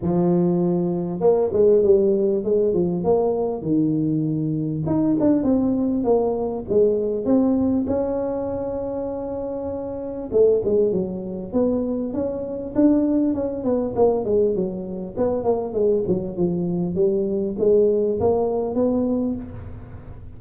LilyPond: \new Staff \with { instrumentName = "tuba" } { \time 4/4 \tempo 4 = 99 f2 ais8 gis8 g4 | gis8 f8 ais4 dis2 | dis'8 d'8 c'4 ais4 gis4 | c'4 cis'2.~ |
cis'4 a8 gis8 fis4 b4 | cis'4 d'4 cis'8 b8 ais8 gis8 | fis4 b8 ais8 gis8 fis8 f4 | g4 gis4 ais4 b4 | }